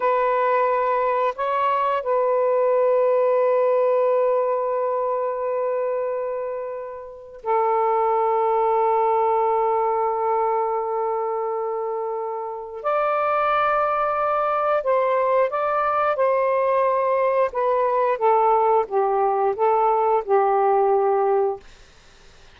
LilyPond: \new Staff \with { instrumentName = "saxophone" } { \time 4/4 \tempo 4 = 89 b'2 cis''4 b'4~ | b'1~ | b'2. a'4~ | a'1~ |
a'2. d''4~ | d''2 c''4 d''4 | c''2 b'4 a'4 | g'4 a'4 g'2 | }